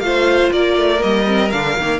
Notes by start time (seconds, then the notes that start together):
0.00 A3 F4 C5 F5
0.53 A#3 A#4 D5
0.77 A3
0.98 A#3 D#5
1.04 G3
1.27 C4
1.50 D3 D4 F5
1.78 D#3 A#3